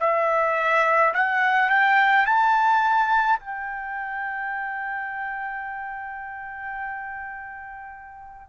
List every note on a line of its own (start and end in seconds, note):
0.00 1.13 E5
1.14 1.70 F#5
1.70 2.26 G5
2.26 3.40 A5
3.40 8.49 G5